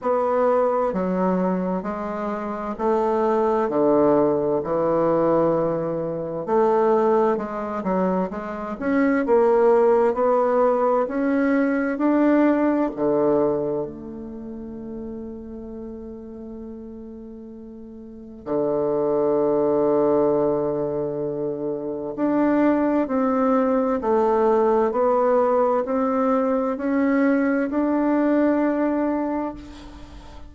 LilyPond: \new Staff \with { instrumentName = "bassoon" } { \time 4/4 \tempo 4 = 65 b4 fis4 gis4 a4 | d4 e2 a4 | gis8 fis8 gis8 cis'8 ais4 b4 | cis'4 d'4 d4 a4~ |
a1 | d1 | d'4 c'4 a4 b4 | c'4 cis'4 d'2 | }